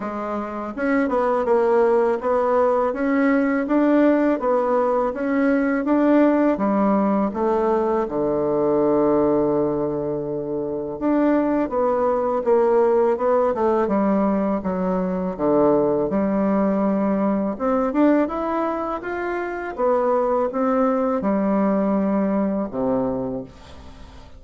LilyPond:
\new Staff \with { instrumentName = "bassoon" } { \time 4/4 \tempo 4 = 82 gis4 cis'8 b8 ais4 b4 | cis'4 d'4 b4 cis'4 | d'4 g4 a4 d4~ | d2. d'4 |
b4 ais4 b8 a8 g4 | fis4 d4 g2 | c'8 d'8 e'4 f'4 b4 | c'4 g2 c4 | }